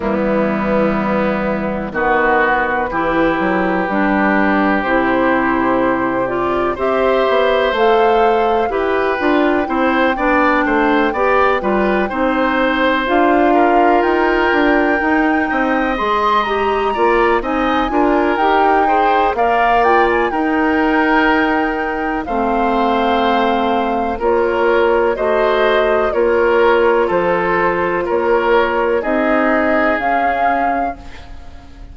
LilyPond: <<
  \new Staff \with { instrumentName = "flute" } { \time 4/4 \tempo 4 = 62 e'2 b'2~ | b'4 c''4. d''8 e''4 | f''4 g''2.~ | g''4. f''4 g''4.~ |
g''8 c'''8 ais''4 gis''4 g''4 | f''8 g''16 gis''16 g''2 f''4~ | f''4 cis''4 dis''4 cis''4 | c''4 cis''4 dis''4 f''4 | }
  \new Staff \with { instrumentName = "oboe" } { \time 4/4 b2 fis'4 g'4~ | g'2. c''4~ | c''4 b'4 c''8 d''8 c''8 d''8 | b'8 c''4. ais'2 |
dis''4. d''8 dis''8 ais'4 c''8 | d''4 ais'2 c''4~ | c''4 ais'4 c''4 ais'4 | a'4 ais'4 gis'2 | }
  \new Staff \with { instrumentName = "clarinet" } { \time 4/4 g2 b4 e'4 | d'4 e'4. f'8 g'4 | a'4 g'8 f'8 e'8 d'4 g'8 | f'8 dis'4 f'2 dis'8~ |
dis'8 gis'8 g'8 f'8 dis'8 f'8 g'8 gis'8 | ais'8 f'8 dis'2 c'4~ | c'4 f'4 fis'4 f'4~ | f'2 dis'4 cis'4 | }
  \new Staff \with { instrumentName = "bassoon" } { \time 4/4 e2 dis4 e8 fis8 | g4 c2 c'8 b8 | a4 e'8 d'8 c'8 b8 a8 b8 | g8 c'4 d'4 dis'8 d'8 dis'8 |
c'8 gis4 ais8 c'8 d'8 dis'4 | ais4 dis'2 a4~ | a4 ais4 a4 ais4 | f4 ais4 c'4 cis'4 | }
>>